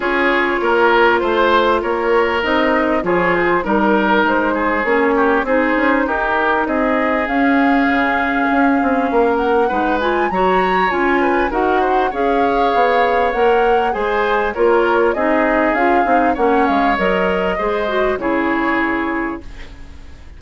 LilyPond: <<
  \new Staff \with { instrumentName = "flute" } { \time 4/4 \tempo 4 = 99 cis''2 c''4 cis''4 | dis''4 cis''8 c''8 ais'4 c''4 | cis''4 c''4 ais'4 dis''4 | f''2.~ f''8 fis''8~ |
fis''8 gis''8 ais''4 gis''4 fis''4 | f''2 fis''4 gis''4 | cis''4 dis''4 f''4 fis''8 f''8 | dis''2 cis''2 | }
  \new Staff \with { instrumentName = "oboe" } { \time 4/4 gis'4 ais'4 c''4 ais'4~ | ais'4 gis'4 ais'4. gis'8~ | gis'8 g'8 gis'4 g'4 gis'4~ | gis'2. ais'4 |
b'4 cis''4. b'8 ais'8 c''8 | cis''2. c''4 | ais'4 gis'2 cis''4~ | cis''4 c''4 gis'2 | }
  \new Staff \with { instrumentName = "clarinet" } { \time 4/4 f'1 | dis'4 f'4 dis'2 | cis'4 dis'2. | cis'1 |
dis'8 f'8 fis'4 f'4 fis'4 | gis'2 ais'4 gis'4 | f'4 dis'4 f'8 dis'8 cis'4 | ais'4 gis'8 fis'8 e'2 | }
  \new Staff \with { instrumentName = "bassoon" } { \time 4/4 cis'4 ais4 a4 ais4 | c'4 f4 g4 gis4 | ais4 c'8 cis'8 dis'4 c'4 | cis'4 cis4 cis'8 c'8 ais4 |
gis4 fis4 cis'4 dis'4 | cis'4 b4 ais4 gis4 | ais4 c'4 cis'8 c'8 ais8 gis8 | fis4 gis4 cis2 | }
>>